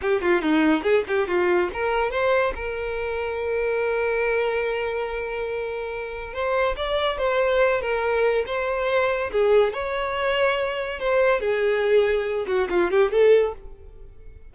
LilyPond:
\new Staff \with { instrumentName = "violin" } { \time 4/4 \tempo 4 = 142 g'8 f'8 dis'4 gis'8 g'8 f'4 | ais'4 c''4 ais'2~ | ais'1~ | ais'2. c''4 |
d''4 c''4. ais'4. | c''2 gis'4 cis''4~ | cis''2 c''4 gis'4~ | gis'4. fis'8 f'8 g'8 a'4 | }